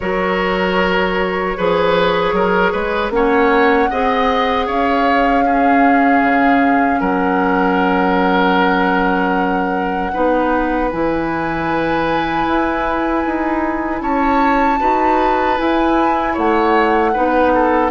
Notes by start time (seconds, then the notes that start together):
0.00 F#3 F#4 A#4 C#5
1.57 F3 G#4 B4
2.32 F#3 A#4
2.72 G#3 B4
3.10 A#3 C#4 C#5 F#5
3.90 C4 G#4 D#5
4.66 C#4 C#5 F5
5.44 C#4 G#4
6.23 C#3
7.00 F#3 A#4 F#5
10.12 B3 D#4 B4
10.91 E3 E4 G#5
12.46 E4
13.25 D#4
14.01 C#4 C#5 A5
14.79 D#4 F#4 B4
15.57 E4 G#5
16.32 A3 C#5 F#5
17.13 B3 D#4 B4
17.54 A4